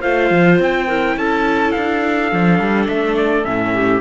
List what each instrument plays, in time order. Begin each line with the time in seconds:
0.00 cello A3, viola F4, clarinet C5, trumpet F5
0.31 cello F3
0.59 cello C4, trumpet G5
0.87 viola E4, clarinet A#4
1.17 cello C#4, clarinet A4, trumpet A5
1.72 cello D4, trumpet F5
2.32 cello F3, viola D4
2.60 cello G3
2.87 cello A3, trumpet E5
3.17 trumpet D5
3.44 cello A2, viola C#4, trumpet E5
3.74 clarinet G4